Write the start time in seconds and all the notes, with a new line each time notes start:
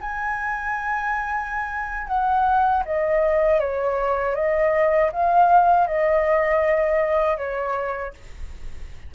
0.00 G#5
2.07 F#5
2.85 D#5
3.60 C#5
4.35 D#5
5.12 F5
5.87 D#5
7.37 C#5